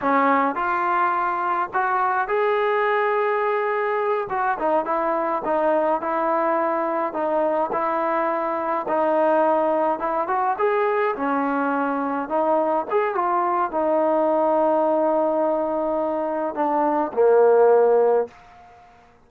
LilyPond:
\new Staff \with { instrumentName = "trombone" } { \time 4/4 \tempo 4 = 105 cis'4 f'2 fis'4 | gis'2.~ gis'8 fis'8 | dis'8 e'4 dis'4 e'4.~ | e'8 dis'4 e'2 dis'8~ |
dis'4. e'8 fis'8 gis'4 cis'8~ | cis'4. dis'4 gis'8 f'4 | dis'1~ | dis'4 d'4 ais2 | }